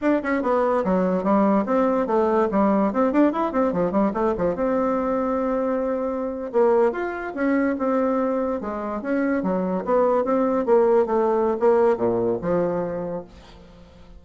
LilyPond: \new Staff \with { instrumentName = "bassoon" } { \time 4/4 \tempo 4 = 145 d'8 cis'8 b4 fis4 g4 | c'4 a4 g4 c'8 d'8 | e'8 c'8 f8 g8 a8 f8 c'4~ | c'2.~ c'8. ais16~ |
ais8. f'4 cis'4 c'4~ c'16~ | c'8. gis4 cis'4 fis4 b16~ | b8. c'4 ais4 a4~ a16 | ais4 ais,4 f2 | }